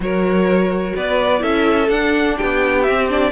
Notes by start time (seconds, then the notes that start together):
0.00 F#3 F#4 A#4 C#5
0.96 B3 B4 D5
1.38 C#4 E4 A4 E5
1.89 D4 F#5
2.37 B3 G4 G5
2.83 C4 E5
2.89 C4
3.09 D4 D5